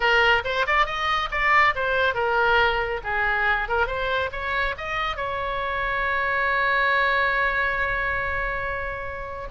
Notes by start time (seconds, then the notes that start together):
0.00 A#4
0.44 C5
0.67 D5
0.86 D#5
1.31 D5
1.75 C5
2.14 A#4
3.03 G#4
3.68 A#4
3.87 C5
4.31 C#5
4.77 D#5
5.16 C#5